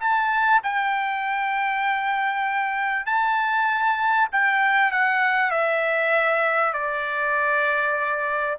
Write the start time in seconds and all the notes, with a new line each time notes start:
0.00 A5
0.63 G5
3.06 A5
4.32 G5
4.92 F#5
5.51 E5
6.73 D5